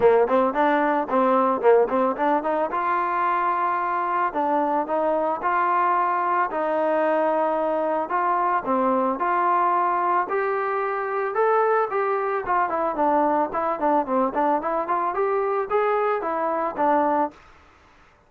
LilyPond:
\new Staff \with { instrumentName = "trombone" } { \time 4/4 \tempo 4 = 111 ais8 c'8 d'4 c'4 ais8 c'8 | d'8 dis'8 f'2. | d'4 dis'4 f'2 | dis'2. f'4 |
c'4 f'2 g'4~ | g'4 a'4 g'4 f'8 e'8 | d'4 e'8 d'8 c'8 d'8 e'8 f'8 | g'4 gis'4 e'4 d'4 | }